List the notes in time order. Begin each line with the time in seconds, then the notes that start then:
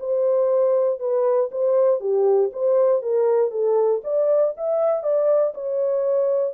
0.00 C5
1.00 B4
1.51 C5
2.01 G4
2.53 C5
3.02 A#4
3.51 A4
4.04 D5
4.57 E5
5.03 D5
5.54 C#5